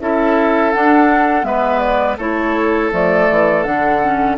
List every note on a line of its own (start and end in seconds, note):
0.00 0.74 C#4
0.00 0.74 E4
0.00 1.47 A4
0.00 0.72 E5
0.72 1.43 D4
0.72 1.44 F#5
1.43 2.17 G#3
1.43 2.16 B3
1.43 2.17 B4
1.43 1.79 E5
1.79 2.16 D5
2.17 2.91 A3
2.17 2.92 E4
2.17 4.37 A4
2.17 2.92 C#5
2.92 3.29 F3
2.92 3.64 A3
2.92 3.63 D5
3.30 3.65 E3
3.63 4.38 D3
3.63 4.01 D4
3.63 4.36 F#5
4.02 4.38 C#4